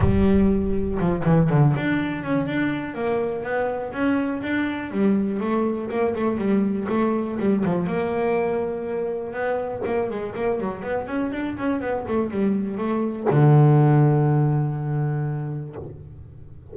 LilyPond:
\new Staff \with { instrumentName = "double bass" } { \time 4/4 \tempo 4 = 122 g2 f8 e8 d8 d'8~ | d'8 cis'8 d'4 ais4 b4 | cis'4 d'4 g4 a4 | ais8 a8 g4 a4 g8 f8 |
ais2. b4 | ais8 gis8 ais8 fis8 b8 cis'8 d'8 cis'8 | b8 a8 g4 a4 d4~ | d1 | }